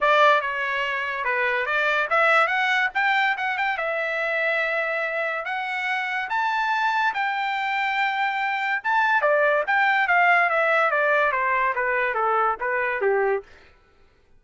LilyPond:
\new Staff \with { instrumentName = "trumpet" } { \time 4/4 \tempo 4 = 143 d''4 cis''2 b'4 | d''4 e''4 fis''4 g''4 | fis''8 g''8 e''2.~ | e''4 fis''2 a''4~ |
a''4 g''2.~ | g''4 a''4 d''4 g''4 | f''4 e''4 d''4 c''4 | b'4 a'4 b'4 g'4 | }